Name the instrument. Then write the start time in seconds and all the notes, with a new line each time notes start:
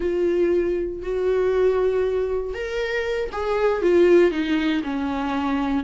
viola
0.00 F4
1.02 F#4
2.54 A#4
3.32 G#4
3.82 F4
4.31 D#4
4.83 C#4